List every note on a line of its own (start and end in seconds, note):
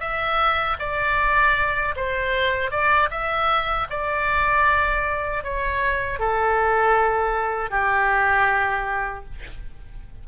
0.00 0.77 E5
0.79 1.95 D5
1.96 2.71 C5
2.71 3.09 D5
3.10 3.87 E5
3.90 5.43 D5
5.43 6.19 C#5
6.19 7.70 A4
7.70 9.24 G4